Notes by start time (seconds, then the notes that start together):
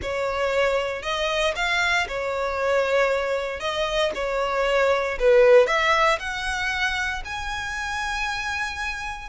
0.01 C#5
1.02 D#5
1.55 F5
2.08 C#5
3.59 D#5
4.14 C#5
5.19 B4
5.66 E5
6.19 F#5
7.24 G#5